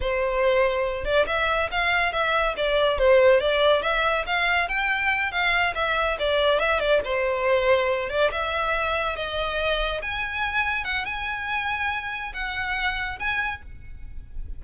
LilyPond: \new Staff \with { instrumentName = "violin" } { \time 4/4 \tempo 4 = 141 c''2~ c''8 d''8 e''4 | f''4 e''4 d''4 c''4 | d''4 e''4 f''4 g''4~ | g''8 f''4 e''4 d''4 e''8 |
d''8 c''2~ c''8 d''8 e''8~ | e''4. dis''2 gis''8~ | gis''4. fis''8 gis''2~ | gis''4 fis''2 gis''4 | }